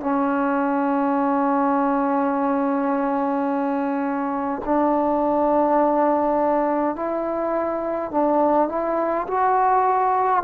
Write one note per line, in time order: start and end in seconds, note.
0.00 4.62 C#4
4.65 6.96 D4
6.96 8.11 E4
8.11 8.69 D4
8.69 9.26 E4
9.27 10.43 F#4